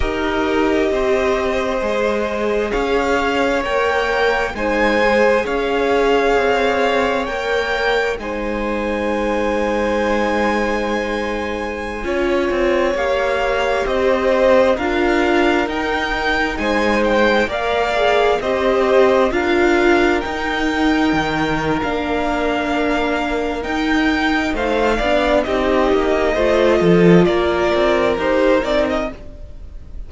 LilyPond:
<<
  \new Staff \with { instrumentName = "violin" } { \time 4/4 \tempo 4 = 66 dis''2. f''4 | g''4 gis''4 f''2 | g''4 gis''2.~ | gis''2~ gis''16 f''4 dis''8.~ |
dis''16 f''4 g''4 gis''8 g''8 f''8.~ | f''16 dis''4 f''4 g''4.~ g''16 | f''2 g''4 f''4 | dis''2 d''4 c''8 d''16 dis''16 | }
  \new Staff \with { instrumentName = "violin" } { \time 4/4 ais'4 c''2 cis''4~ | cis''4 c''4 cis''2~ | cis''4 c''2.~ | c''4~ c''16 cis''2 c''8.~ |
c''16 ais'2 c''4 d''8.~ | d''16 c''4 ais'2~ ais'8.~ | ais'2. c''8 d''8 | g'4 c''8 a'8 ais'2 | }
  \new Staff \with { instrumentName = "viola" } { \time 4/4 g'2 gis'2 | ais'4 dis'8 gis'2~ gis'8 | ais'4 dis'2.~ | dis'4~ dis'16 f'4 g'4.~ g'16~ |
g'16 f'4 dis'2 ais'8 gis'16~ | gis'16 g'4 f'4 dis'4.~ dis'16 | d'2 dis'4. d'8 | dis'4 f'2 g'8 dis'8 | }
  \new Staff \with { instrumentName = "cello" } { \time 4/4 dis'4 c'4 gis4 cis'4 | ais4 gis4 cis'4 c'4 | ais4 gis2.~ | gis4~ gis16 cis'8 c'8 ais4 c'8.~ |
c'16 d'4 dis'4 gis4 ais8.~ | ais16 c'4 d'4 dis'4 dis8. | ais2 dis'4 a8 b8 | c'8 ais8 a8 f8 ais8 c'8 dis'8 c'8 | }
>>